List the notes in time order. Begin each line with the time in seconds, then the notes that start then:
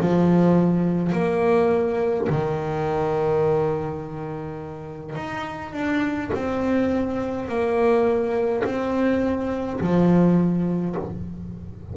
0.00 F3
1.12 A#3
2.29 D#3
5.15 D#4
5.73 D4
6.34 C4
7.48 A#3
8.64 C4
9.80 F3